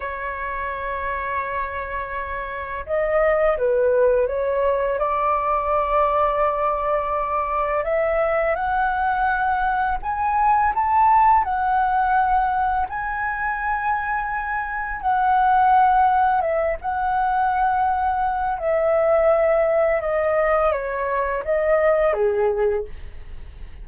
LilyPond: \new Staff \with { instrumentName = "flute" } { \time 4/4 \tempo 4 = 84 cis''1 | dis''4 b'4 cis''4 d''4~ | d''2. e''4 | fis''2 gis''4 a''4 |
fis''2 gis''2~ | gis''4 fis''2 e''8 fis''8~ | fis''2 e''2 | dis''4 cis''4 dis''4 gis'4 | }